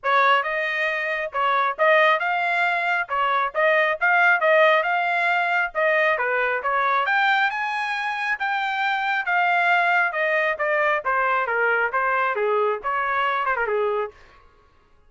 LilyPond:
\new Staff \with { instrumentName = "trumpet" } { \time 4/4 \tempo 4 = 136 cis''4 dis''2 cis''4 | dis''4 f''2 cis''4 | dis''4 f''4 dis''4 f''4~ | f''4 dis''4 b'4 cis''4 |
g''4 gis''2 g''4~ | g''4 f''2 dis''4 | d''4 c''4 ais'4 c''4 | gis'4 cis''4. c''16 ais'16 gis'4 | }